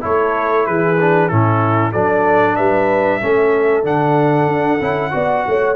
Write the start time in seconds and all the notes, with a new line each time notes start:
0.00 A3 E4 A4 C#5
0.66 E3 G#4 B4
1.00 D4
1.28 A2 C#4 E4 A4
1.91 F#3 D4 A4 D5
2.55 G3 B4 E5
3.20 A3 C#4 A4
3.83 D3 D4 F#5
4.47 D4
4.81 C#4 E4
5.10 B3 F#4 D5
5.47 A3 C#5